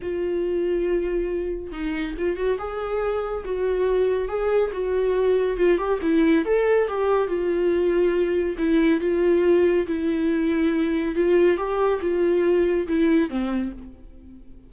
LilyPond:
\new Staff \with { instrumentName = "viola" } { \time 4/4 \tempo 4 = 140 f'1 | dis'4 f'8 fis'8 gis'2 | fis'2 gis'4 fis'4~ | fis'4 f'8 g'8 e'4 a'4 |
g'4 f'2. | e'4 f'2 e'4~ | e'2 f'4 g'4 | f'2 e'4 c'4 | }